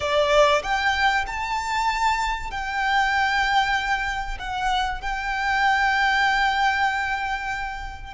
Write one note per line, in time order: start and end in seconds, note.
0.00 0.62 D5
0.62 1.25 G5
1.26 2.50 A5
2.50 4.38 G5
4.38 5.01 F#5
5.01 8.13 G5